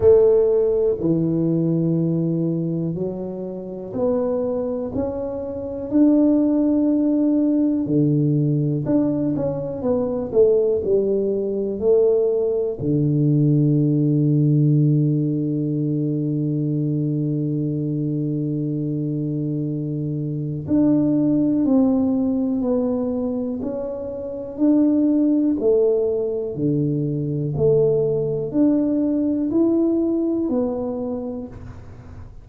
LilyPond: \new Staff \with { instrumentName = "tuba" } { \time 4/4 \tempo 4 = 61 a4 e2 fis4 | b4 cis'4 d'2 | d4 d'8 cis'8 b8 a8 g4 | a4 d2.~ |
d1~ | d4 d'4 c'4 b4 | cis'4 d'4 a4 d4 | a4 d'4 e'4 b4 | }